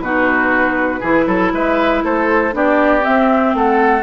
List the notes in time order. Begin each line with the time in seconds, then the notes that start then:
0.00 B2 D#4 F#4 B4
1.00 E3 E4 G#4
1.27 F#3 A4
1.53 G#3 B4 E5
2.03 A3 A4 C5
2.52 B3 D4 G4 D5
3.01 C4 E5
3.07 C4
3.54 A3 A4 F#5